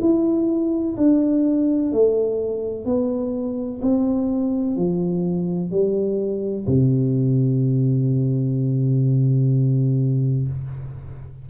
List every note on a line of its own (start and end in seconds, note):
0.00 0.95 E4
0.96 1.91 D4
1.92 2.85 A3
2.85 3.80 B3
3.81 4.76 C4
4.76 5.70 F3
5.70 6.65 G3
6.66 10.47 C3